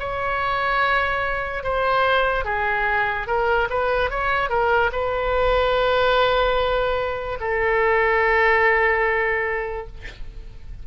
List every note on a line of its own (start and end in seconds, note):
0.00 1.64 C#5
1.64 2.45 C5
2.45 3.27 G#4
3.27 3.68 A#4
3.70 4.11 B4
4.11 4.50 C#5
4.50 4.91 A#4
4.92 7.39 B4
7.41 9.87 A4